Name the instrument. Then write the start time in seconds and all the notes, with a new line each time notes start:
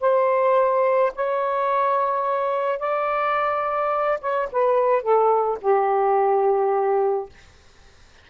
saxophone
0.00 C5
1.15 C#5
2.79 D5
4.20 C#5
4.51 B4
5.02 A4
5.61 G4